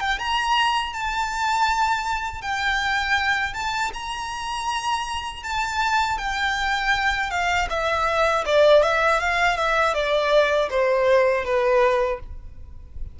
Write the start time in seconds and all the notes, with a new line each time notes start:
0.00 G5
0.19 A#5
0.93 A5
2.42 G5
3.54 A5
3.93 A#5
5.43 A5
6.18 G5
7.31 F5
7.69 E5
8.45 D5
8.83 E5
9.20 F5
9.57 E5
9.94 D5
10.70 C5
11.45 B4